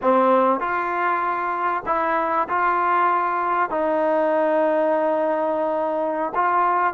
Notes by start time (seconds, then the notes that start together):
0.02 C4
0.60 F4
1.86 E4
2.49 F4
3.69 D#4
6.35 F4